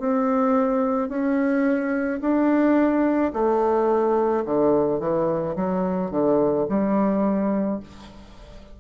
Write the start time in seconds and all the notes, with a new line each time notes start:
0.00 C4
1.09 C#4
2.21 D4
3.33 A3
4.45 D3
5.00 E3
5.56 F#3
6.11 D3
6.69 G3